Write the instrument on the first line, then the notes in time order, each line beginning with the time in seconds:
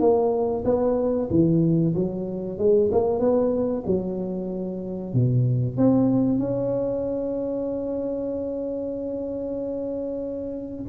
tuba
0.00 A#3
0.64 B3
1.30 E3
1.95 F#3
2.58 G#3
2.92 A#3
3.19 B3
3.86 F#3
5.13 B2
5.77 C4
6.38 C#4